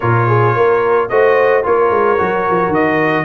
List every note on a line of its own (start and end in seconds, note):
0.00 0.56 A#2
0.00 1.10 F4
0.00 0.27 A#4
0.00 1.08 C#5
0.27 0.54 G#4
0.54 1.10 A#3
0.54 1.09 A#4
1.08 1.64 A3
1.08 1.63 F#4
1.08 1.65 C5
1.08 1.63 D#5
1.63 1.90 A#3
1.63 2.17 F4
1.63 3.25 A#4
1.63 2.74 C#5
1.90 2.17 G#3
2.18 2.47 F#3
2.18 3.25 F#4
2.50 2.68 F3
2.68 3.23 D#3
2.68 3.25 D#5